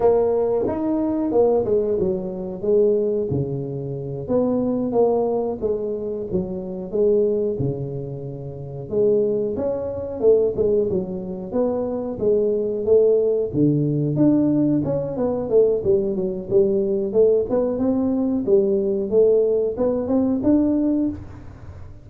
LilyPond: \new Staff \with { instrumentName = "tuba" } { \time 4/4 \tempo 4 = 91 ais4 dis'4 ais8 gis8 fis4 | gis4 cis4. b4 ais8~ | ais8 gis4 fis4 gis4 cis8~ | cis4. gis4 cis'4 a8 |
gis8 fis4 b4 gis4 a8~ | a8 d4 d'4 cis'8 b8 a8 | g8 fis8 g4 a8 b8 c'4 | g4 a4 b8 c'8 d'4 | }